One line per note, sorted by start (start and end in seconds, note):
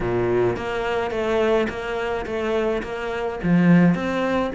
0.00 0.56 A#2
0.56 1.10 A#3
1.10 1.67 A3
1.69 2.25 A#3
2.26 2.82 A3
2.82 3.39 A#3
3.43 3.94 F3
3.94 4.51 C4